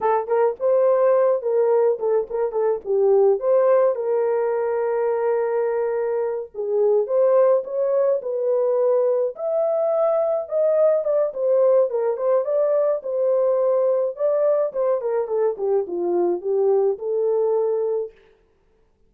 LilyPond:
\new Staff \with { instrumentName = "horn" } { \time 4/4 \tempo 4 = 106 a'8 ais'8 c''4. ais'4 a'8 | ais'8 a'8 g'4 c''4 ais'4~ | ais'2.~ ais'8 gis'8~ | gis'8 c''4 cis''4 b'4.~ |
b'8 e''2 dis''4 d''8 | c''4 ais'8 c''8 d''4 c''4~ | c''4 d''4 c''8 ais'8 a'8 g'8 | f'4 g'4 a'2 | }